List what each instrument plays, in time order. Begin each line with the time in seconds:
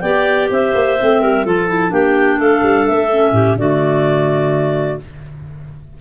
0.00 tuba B3, clarinet G4 D5 G5
0.50 tuba C4, clarinet C5 E5
0.75 tuba A#3
0.99 tuba A3, clarinet C4
1.21 tuba G3, clarinet A#4
1.45 tuba F3, clarinet F4 A4 A5
1.69 clarinet E4
1.89 tuba A#3, clarinet D4 G4 G5
2.37 tuba A3, clarinet A4 F5
2.63 tuba G3
2.87 tuba A3, clarinet E5
3.12 clarinet C#4
3.32 tuba A2, clarinet G4
3.55 tuba D3, clarinet A3 F#4 D5